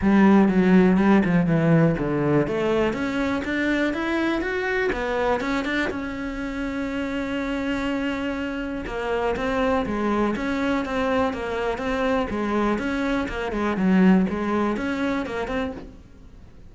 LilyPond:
\new Staff \with { instrumentName = "cello" } { \time 4/4 \tempo 4 = 122 g4 fis4 g8 f8 e4 | d4 a4 cis'4 d'4 | e'4 fis'4 b4 cis'8 d'8 | cis'1~ |
cis'2 ais4 c'4 | gis4 cis'4 c'4 ais4 | c'4 gis4 cis'4 ais8 gis8 | fis4 gis4 cis'4 ais8 c'8 | }